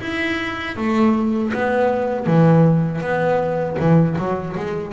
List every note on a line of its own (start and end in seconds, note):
0.00 0.76 E4
0.76 1.52 A3
1.53 2.26 B3
2.26 3.01 E3
3.01 3.77 B3
3.79 4.17 E3
4.17 4.55 F#3
4.56 4.92 G#3